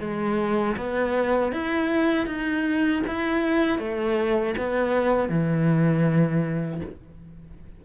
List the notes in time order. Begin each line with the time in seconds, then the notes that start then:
0.00 G#3
0.76 B3
1.52 E4
2.26 D#4
3.07 E4
3.78 A3
4.57 B3
5.29 E3